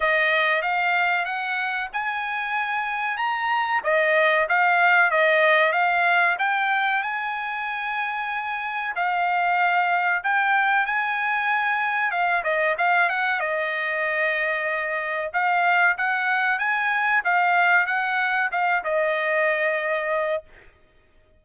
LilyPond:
\new Staff \with { instrumentName = "trumpet" } { \time 4/4 \tempo 4 = 94 dis''4 f''4 fis''4 gis''4~ | gis''4 ais''4 dis''4 f''4 | dis''4 f''4 g''4 gis''4~ | gis''2 f''2 |
g''4 gis''2 f''8 dis''8 | f''8 fis''8 dis''2. | f''4 fis''4 gis''4 f''4 | fis''4 f''8 dis''2~ dis''8 | }